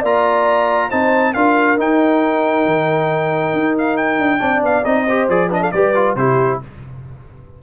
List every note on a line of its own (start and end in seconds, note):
0.00 0.90 A#3
0.00 0.91 F4
0.00 0.88 D5
0.00 0.90 A#5
0.89 1.35 C4
0.89 1.34 D#4
0.89 1.33 C5
0.89 1.34 A5
1.34 1.78 D4
1.34 1.77 F4
1.34 4.39 A#4
1.34 1.77 F5
1.77 4.39 D#4
1.77 2.65 D#4
1.77 3.77 G5
2.65 3.53 D#3
3.53 4.18 D#4
3.78 3.97 F5
3.97 4.62 G5
4.18 4.40 D4
4.39 4.62 C4
4.39 4.83 D4
4.39 5.05 D5
4.62 4.84 B3
4.62 4.84 F5
4.84 5.28 C4
4.84 5.07 D#4
4.84 5.28 D#5
5.05 5.30 G4
5.05 5.48 C5
5.28 5.72 F3
5.28 5.50 G#4
5.28 5.51 D5
5.48 5.72 D4
5.48 5.59 B4
5.48 5.63 D#5
5.60 5.71 A4
5.60 5.71 F5
5.71 6.15 G3
5.71 5.95 G4
5.71 6.18 B4
5.71 6.15 D5
5.95 6.17 F4
6.15 6.59 C3
6.15 6.62 E4
6.15 6.62 G4
6.15 6.60 C5